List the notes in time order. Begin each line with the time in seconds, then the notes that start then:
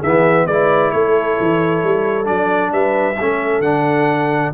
0.00 E3 G#4 E5
0.06 B3
0.47 G#3 E4 B4 D5
0.92 A3 A4 C#5
1.41 E3
1.84 G3
2.25 F#3 D4 D5
2.73 G3 B4 E5
3.19 A3 C#4 A4
3.60 D3 D4 F#5